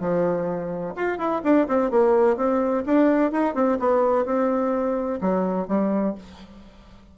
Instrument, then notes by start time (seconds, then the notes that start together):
bassoon
0.00 F3
0.95 F4
1.18 E4
1.43 D4
1.68 C4
1.91 A#3
2.36 C4
2.85 D4
3.32 D#4
3.55 C4
3.79 B3
4.25 C4
5.21 F#3
5.68 G3